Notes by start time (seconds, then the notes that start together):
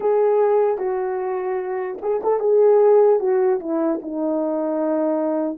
0.00 G#4
0.77 F#4
2.01 G#4
2.23 A4
2.39 G#4
3.19 F#4
3.60 E4
4.02 D#4